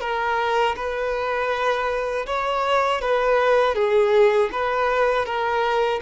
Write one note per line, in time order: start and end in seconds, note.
0.00 0.75 A#4
0.76 2.26 B4
2.26 3.01 C#5
3.01 3.75 B4
3.75 4.50 G#4
4.52 5.25 B4
5.25 6.00 A#4